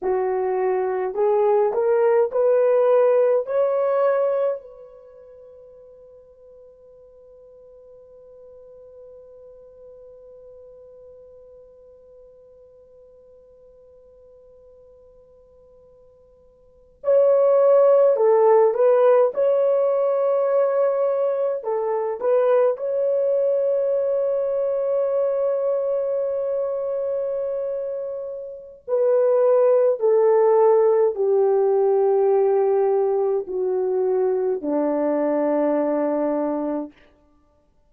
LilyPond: \new Staff \with { instrumentName = "horn" } { \time 4/4 \tempo 4 = 52 fis'4 gis'8 ais'8 b'4 cis''4 | b'1~ | b'1~ | b'2~ b'8. cis''4 a'16~ |
a'16 b'8 cis''2 a'8 b'8 cis''16~ | cis''1~ | cis''4 b'4 a'4 g'4~ | g'4 fis'4 d'2 | }